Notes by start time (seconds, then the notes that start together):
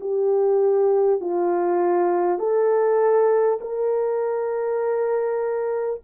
0.00 G4
1.20 F4
2.38 A4
3.60 A#4